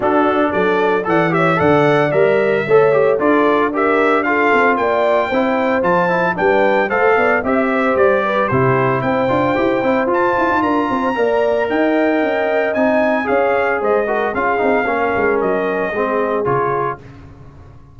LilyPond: <<
  \new Staff \with { instrumentName = "trumpet" } { \time 4/4 \tempo 4 = 113 a'4 d''4 fis''8 e''8 fis''4 | e''2 d''4 e''4 | f''4 g''2 a''4 | g''4 f''4 e''4 d''4 |
c''4 g''2 a''4 | ais''2 g''2 | gis''4 f''4 dis''4 f''4~ | f''4 dis''2 cis''4 | }
  \new Staff \with { instrumentName = "horn" } { \time 4/4 fis'4 a'4 d''8 cis''8 d''4~ | d''4 cis''4 a'4 ais'4 | a'4 d''4 c''2 | b'4 c''8 d''8 e''8 c''4 b'8 |
g'4 c''2. | ais'8 c''8 d''4 dis''2~ | dis''4 cis''4 c''8 ais'8 gis'4 | ais'2 gis'2 | }
  \new Staff \with { instrumentName = "trombone" } { \time 4/4 d'2 a'8 g'8 a'4 | ais'4 a'8 g'8 f'4 g'4 | f'2 e'4 f'8 e'8 | d'4 a'4 g'2 |
e'4. f'8 g'8 e'8 f'4~ | f'4 ais'2. | dis'4 gis'4. fis'8 f'8 dis'8 | cis'2 c'4 f'4 | }
  \new Staff \with { instrumentName = "tuba" } { \time 4/4 d'4 fis4 e4 d4 | g4 a4 d'2~ | d'8 c'8 ais4 c'4 f4 | g4 a8 b8 c'4 g4 |
c4 c'8 d'8 e'8 c'8 f'8 e'16 dis'16 | d'8 c'8 ais4 dis'4 cis'4 | c'4 cis'4 gis4 cis'8 c'8 | ais8 gis8 fis4 gis4 cis4 | }
>>